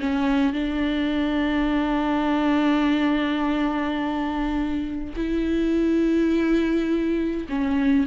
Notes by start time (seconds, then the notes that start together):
0.00 C#4
0.53 D4
5.16 E4
7.49 C#4